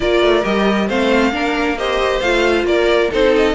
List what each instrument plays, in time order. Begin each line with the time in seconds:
0.00 cello A#3, viola F4, violin A#4 D5
0.21 cello A3
0.43 cello G3, viola G4, violin D#5
0.87 cello A3, viola C4, violin C5 F5
1.31 cello A#3, viola D4, violin A#4
1.77 viola G4, violin C5 D#5
2.20 cello A3, viola F4, violin F5
2.64 cello A#3, violin A#4 D5
3.10 cello C4, viola D#4, violin A4 C5
3.36 violin D#5